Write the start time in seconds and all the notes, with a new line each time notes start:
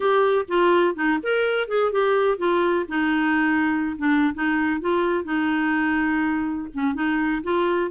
0.00 G4
0.48 F4
0.95 D#4
1.22 A#4
1.68 G#4
1.92 G4
2.38 F4
2.88 D#4
3.98 D4
4.34 D#4
4.80 F4
5.24 D#4
6.74 C#4
6.94 D#4
7.43 F4